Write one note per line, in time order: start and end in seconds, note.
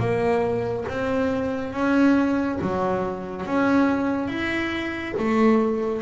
0.00 0.86 A#3
0.89 1.73 C4
1.73 2.59 C#4
2.62 3.46 F#3
3.46 4.29 C#4
4.29 5.14 E4
5.19 6.02 A3